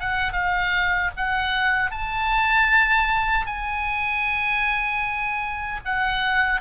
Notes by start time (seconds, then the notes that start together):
0.00 F#5
0.33 F5
1.17 F#5
1.91 A5
3.47 G#5
5.85 F#5